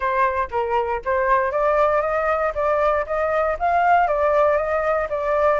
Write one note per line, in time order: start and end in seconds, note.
0.00 0.48 C5
0.50 1.01 A#4
1.04 1.51 C5
1.51 2.01 D5
2.01 2.52 D#5
2.54 3.05 D5
3.06 3.57 D#5
3.59 4.07 F5
4.07 4.56 D5
4.56 5.07 D#5
5.09 5.59 D5